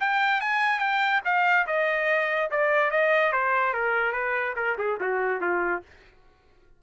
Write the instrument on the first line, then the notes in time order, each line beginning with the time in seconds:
trumpet
0.00 G5
0.41 G#5
0.79 G5
1.25 F5
1.67 D#5
2.51 D5
2.91 D#5
3.33 C5
3.74 A#4
4.12 B4
4.56 A#4
4.78 G#4
5.01 F#4
5.41 F4